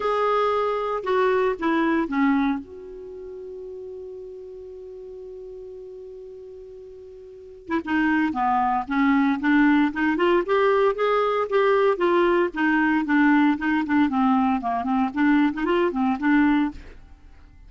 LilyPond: \new Staff \with { instrumentName = "clarinet" } { \time 4/4 \tempo 4 = 115 gis'2 fis'4 e'4 | cis'4 fis'2.~ | fis'1~ | fis'2~ fis'8. e'16 dis'4 |
b4 cis'4 d'4 dis'8 f'8 | g'4 gis'4 g'4 f'4 | dis'4 d'4 dis'8 d'8 c'4 | ais8 c'8 d'8. dis'16 f'8 c'8 d'4 | }